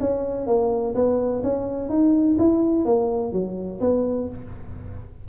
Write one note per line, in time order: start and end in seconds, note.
0.00 0.47 C#4
0.47 0.95 A#3
0.95 1.42 B3
1.43 1.89 C#4
1.89 2.37 D#4
2.39 2.85 E4
2.85 3.32 A#3
3.32 3.80 F#3
3.81 4.28 B3